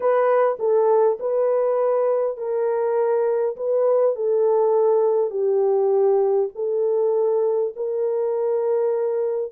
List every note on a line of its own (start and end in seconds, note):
0.00 0.57 B4
0.59 1.18 A4
1.19 2.37 B4
2.37 3.56 A#4
3.56 4.15 B4
4.15 5.30 A4
5.30 6.49 G4
6.55 7.74 A4
7.76 9.52 A#4